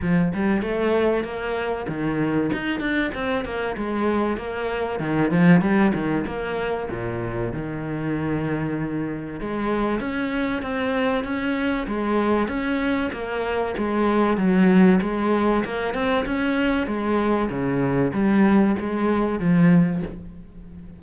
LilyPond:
\new Staff \with { instrumentName = "cello" } { \time 4/4 \tempo 4 = 96 f8 g8 a4 ais4 dis4 | dis'8 d'8 c'8 ais8 gis4 ais4 | dis8 f8 g8 dis8 ais4 ais,4 | dis2. gis4 |
cis'4 c'4 cis'4 gis4 | cis'4 ais4 gis4 fis4 | gis4 ais8 c'8 cis'4 gis4 | cis4 g4 gis4 f4 | }